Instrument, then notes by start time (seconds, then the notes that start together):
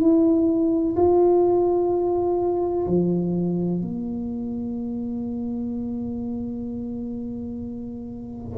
tuba
0.00 E4
0.96 F4
2.87 F3
3.81 A#3